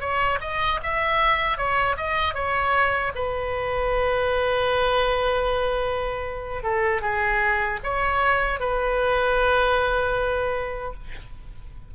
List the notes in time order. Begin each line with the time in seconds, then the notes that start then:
0.00 C#5
0.41 D#5
0.83 E5
1.57 C#5
1.97 D#5
2.34 C#5
3.15 B4
6.63 A4
7.01 G#4
7.83 C#5
8.59 B4